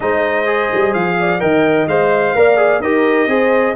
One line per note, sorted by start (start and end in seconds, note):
0.00 0.71 G#3
0.00 0.45 D#4
0.00 1.18 C5
0.00 0.93 D#5
0.45 1.39 G#4
0.73 0.94 G3
0.93 1.41 F3
0.93 1.40 F5
1.19 1.41 D5
1.39 1.86 D#3
1.39 1.86 A#4
1.39 2.35 D#5
1.39 1.87 G5
1.86 2.33 G#3
1.86 2.35 C5
1.86 2.81 F5
2.35 2.80 A#3
2.35 2.57 A#4
2.35 2.82 D5
2.57 2.80 G#4
2.80 3.26 D#4
2.80 3.28 G4
2.80 3.28 A#4
2.80 3.75 D#5
3.26 3.73 C4
3.26 3.75 G#4
3.26 3.75 C5